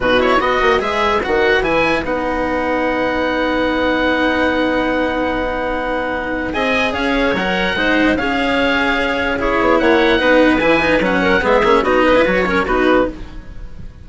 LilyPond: <<
  \new Staff \with { instrumentName = "oboe" } { \time 4/4 \tempo 4 = 147 b'8 cis''8 dis''4 e''4 fis''4 | gis''4 fis''2.~ | fis''1~ | fis''1 |
gis''4 f''4 fis''2 | f''2. cis''4 | fis''2 gis''4 fis''4 | e''4 dis''4 cis''4 b'4 | }
  \new Staff \with { instrumentName = "clarinet" } { \time 4/4 fis'4 b'2.~ | b'1~ | b'1~ | b'1 |
dis''4 cis''2 c''4 | cis''2. gis'4 | cis''4 b'2~ b'8 ais'8 | gis'4 fis'8 b'4 ais'8 fis'4 | }
  \new Staff \with { instrumentName = "cello" } { \time 4/4 dis'8 e'8 fis'4 gis'4 fis'4 | e'4 dis'2.~ | dis'1~ | dis'1 |
gis'2 ais'4 dis'4 | gis'2. e'4~ | e'4 dis'4 e'8 dis'8 cis'4 | b8 cis'8 dis'8. e'16 fis'8 cis'8 dis'4 | }
  \new Staff \with { instrumentName = "bassoon" } { \time 4/4 b,4 b8 ais8 gis4 dis4 | e4 b2.~ | b1~ | b1 |
c'4 cis'4 fis4 gis4 | cis'2.~ cis'8 b8 | ais4 b4 e4 fis4 | gis8 ais8 b4 fis4 b4 | }
>>